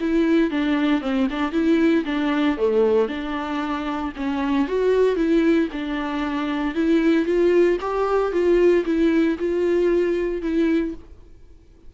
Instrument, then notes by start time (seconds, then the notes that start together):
viola
0.00 E4
0.51 D4
1.01 C4
1.30 D4
1.52 E4
2.05 D4
2.57 A3
3.08 D4
4.16 C#4
4.67 F#4
5.16 E4
5.72 D4
6.74 E4
7.25 F4
7.80 G4
8.32 F4
8.85 E4
9.38 F4
10.42 E4